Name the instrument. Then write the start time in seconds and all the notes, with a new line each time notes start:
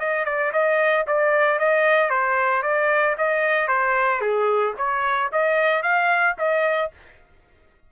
trumpet
0.00 D#5
0.25 D5
0.53 D#5
1.07 D5
1.60 D#5
2.10 C5
2.63 D5
3.18 D#5
3.68 C5
4.21 G#4
4.78 C#5
5.32 D#5
5.83 F5
6.38 D#5